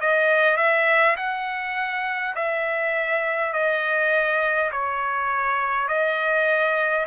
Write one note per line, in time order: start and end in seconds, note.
0.00 0.57 D#5
0.57 1.16 E5
1.17 2.34 F#5
2.35 3.53 E5
3.53 4.71 D#5
4.72 5.88 C#5
5.88 7.06 D#5